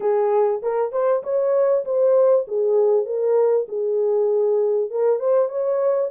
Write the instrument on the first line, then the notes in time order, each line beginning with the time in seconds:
horn
0.00 G#4
0.62 A#4
0.92 C5
1.23 C#5
1.85 C5
2.47 G#4
3.05 A#4
3.68 G#4
4.90 A#4
5.19 C5
5.48 C#5